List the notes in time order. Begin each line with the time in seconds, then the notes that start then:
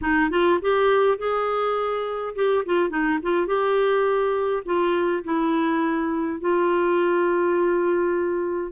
0.01 D#4
0.30 F4
0.61 G4
1.18 G#4
2.35 G4
2.65 F4
2.89 D#4
3.22 F4
3.47 G4
4.65 F4
5.23 E4
6.40 F4